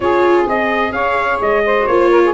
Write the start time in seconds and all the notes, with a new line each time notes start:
0.00 C#4 F4 G#4 C#5
0.45 C4 G#4 D#5
0.92 C#4 C#5 F5
1.40 G#3 D#5
1.65 C5
1.79 F#4
1.86 A#3 F4 C#5
2.11 A#4
2.24 G#4